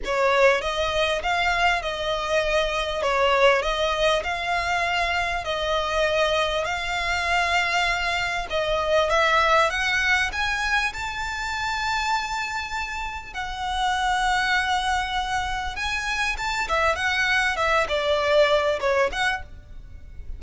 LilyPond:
\new Staff \with { instrumentName = "violin" } { \time 4/4 \tempo 4 = 99 cis''4 dis''4 f''4 dis''4~ | dis''4 cis''4 dis''4 f''4~ | f''4 dis''2 f''4~ | f''2 dis''4 e''4 |
fis''4 gis''4 a''2~ | a''2 fis''2~ | fis''2 gis''4 a''8 e''8 | fis''4 e''8 d''4. cis''8 fis''8 | }